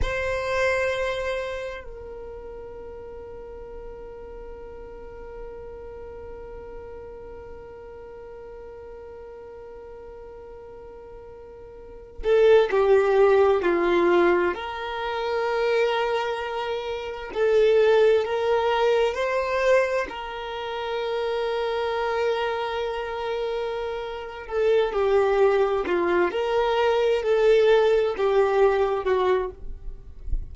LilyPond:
\new Staff \with { instrumentName = "violin" } { \time 4/4 \tempo 4 = 65 c''2 ais'2~ | ais'1~ | ais'1~ | ais'4~ ais'16 a'8 g'4 f'4 ais'16~ |
ais'2~ ais'8. a'4 ais'16~ | ais'8. c''4 ais'2~ ais'16~ | ais'2~ ais'8 a'8 g'4 | f'8 ais'4 a'4 g'4 fis'8 | }